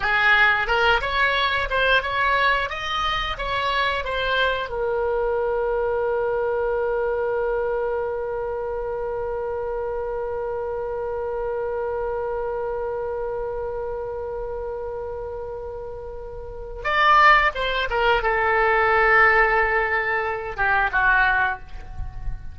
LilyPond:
\new Staff \with { instrumentName = "oboe" } { \time 4/4 \tempo 4 = 89 gis'4 ais'8 cis''4 c''8 cis''4 | dis''4 cis''4 c''4 ais'4~ | ais'1~ | ais'1~ |
ais'1~ | ais'1~ | ais'4 d''4 c''8 ais'8 a'4~ | a'2~ a'8 g'8 fis'4 | }